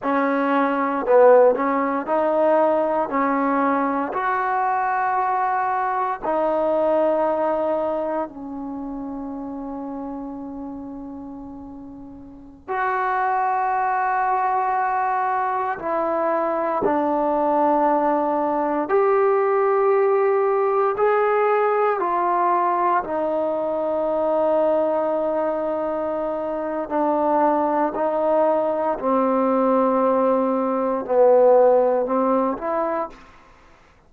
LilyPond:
\new Staff \with { instrumentName = "trombone" } { \time 4/4 \tempo 4 = 58 cis'4 b8 cis'8 dis'4 cis'4 | fis'2 dis'2 | cis'1~ | cis'16 fis'2. e'8.~ |
e'16 d'2 g'4.~ g'16~ | g'16 gis'4 f'4 dis'4.~ dis'16~ | dis'2 d'4 dis'4 | c'2 b4 c'8 e'8 | }